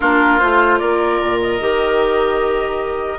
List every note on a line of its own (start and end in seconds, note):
0.00 0.41 A#3
0.00 0.40 D4
0.00 0.78 F4
0.00 0.39 A#4
0.39 0.81 A3
0.39 1.60 F4
0.39 0.78 C5
0.78 1.21 A#3
0.78 3.18 A#4
0.78 1.38 D5
1.21 1.60 A#2
1.41 3.18 D#5
1.60 3.18 D#3
1.60 3.18 G4